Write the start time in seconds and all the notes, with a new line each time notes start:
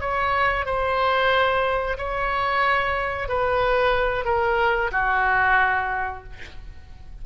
0.00 C#5
0.65 C5
1.98 C#5
3.28 B4
4.24 A#4
4.92 F#4